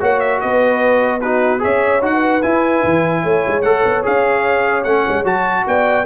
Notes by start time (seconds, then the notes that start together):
0.00 A#3 F#4 C#5 F#5
0.20 E5
0.41 B3 B4 D#5
1.21 D#4 F#4 B4
1.59 C#4 G#4 C#5 E5
2.01 D#4 F#4 F#5
2.13 B4
2.42 E4 G#5
2.84 E3
3.23 A3 C#5
3.48 G#3
3.62 A3 A4 F#5
3.85 B3
4.04 C#4 G#4 F5
4.84 A3 C#4 F#5
5.09 G#3
5.24 F#3 F#4 A5
5.67 B3 D5 G5